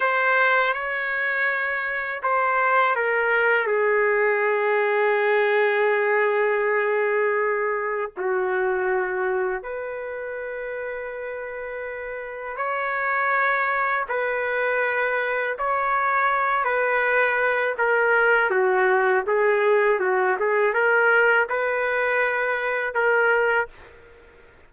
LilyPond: \new Staff \with { instrumentName = "trumpet" } { \time 4/4 \tempo 4 = 81 c''4 cis''2 c''4 | ais'4 gis'2.~ | gis'2. fis'4~ | fis'4 b'2.~ |
b'4 cis''2 b'4~ | b'4 cis''4. b'4. | ais'4 fis'4 gis'4 fis'8 gis'8 | ais'4 b'2 ais'4 | }